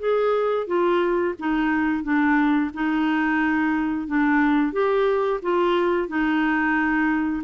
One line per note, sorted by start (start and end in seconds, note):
0.00 0.67 G#4
0.68 1.35 F4
1.39 2.04 D#4
2.04 2.72 D4
2.74 4.08 D#4
4.08 4.73 D4
4.73 5.41 G4
5.43 6.09 F4
6.09 7.43 D#4